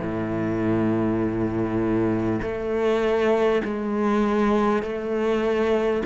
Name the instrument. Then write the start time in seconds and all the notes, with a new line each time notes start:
cello
0.00 A2
2.42 A3
3.64 G#3
4.83 A3